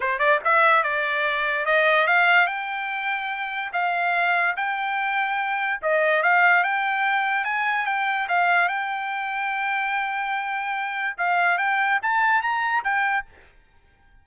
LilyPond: \new Staff \with { instrumentName = "trumpet" } { \time 4/4 \tempo 4 = 145 c''8 d''8 e''4 d''2 | dis''4 f''4 g''2~ | g''4 f''2 g''4~ | g''2 dis''4 f''4 |
g''2 gis''4 g''4 | f''4 g''2.~ | g''2. f''4 | g''4 a''4 ais''4 g''4 | }